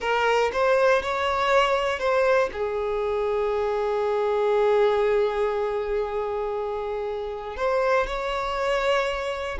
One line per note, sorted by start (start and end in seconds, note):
0.00 0.51 A#4
0.52 1.02 C5
1.02 1.99 C#5
1.99 2.49 C5
2.52 7.56 G#4
7.56 8.06 C5
8.06 9.58 C#5